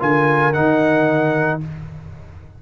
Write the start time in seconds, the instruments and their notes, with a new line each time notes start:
0.00 tuba D3, trombone F4, horn A#4, trumpet G#5
0.53 tuba D#3, trombone D#4, trumpet F#5